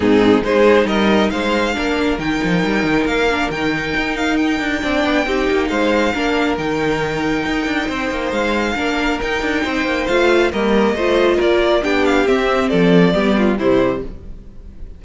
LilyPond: <<
  \new Staff \with { instrumentName = "violin" } { \time 4/4 \tempo 4 = 137 gis'4 c''4 dis''4 f''4~ | f''4 g''2 f''4 | g''4. f''8 g''2~ | g''4 f''2 g''4~ |
g''2. f''4~ | f''4 g''2 f''4 | dis''2 d''4 g''8 f''8 | e''4 d''2 c''4 | }
  \new Staff \with { instrumentName = "violin" } { \time 4/4 dis'4 gis'4 ais'4 c''4 | ais'1~ | ais'2. d''4 | g'4 c''4 ais'2~ |
ais'2 c''2 | ais'2 c''2 | ais'4 c''4 ais'4 g'4~ | g'4 a'4 g'8 f'8 e'4 | }
  \new Staff \with { instrumentName = "viola" } { \time 4/4 c'4 dis'2. | d'4 dis'2~ dis'8 d'8 | dis'2. d'4 | dis'2 d'4 dis'4~ |
dis'1 | d'4 dis'2 f'4 | ais4 f'2 d'4 | c'2 b4 g4 | }
  \new Staff \with { instrumentName = "cello" } { \time 4/4 gis,4 gis4 g4 gis4 | ais4 dis8 f8 g8 dis8 ais4 | dis4 dis'4. d'8 c'8 b8 | c'8 ais8 gis4 ais4 dis4~ |
dis4 dis'8 d'8 c'8 ais8 gis4 | ais4 dis'8 d'8 c'8 ais8 a4 | g4 a4 ais4 b4 | c'4 f4 g4 c4 | }
>>